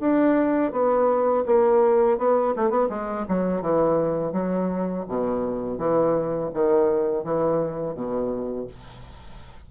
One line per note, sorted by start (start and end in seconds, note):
0.00 0.72 D4
0.72 1.44 B3
1.46 2.18 A#3
2.18 2.54 B3
2.56 2.70 A3
2.70 2.88 B3
2.89 3.26 G#3
3.29 3.62 F#3
3.62 4.33 E3
4.33 5.05 F#3
5.08 5.78 B2
5.78 6.51 E3
6.54 7.24 D#3
7.24 7.95 E3
7.95 8.67 B2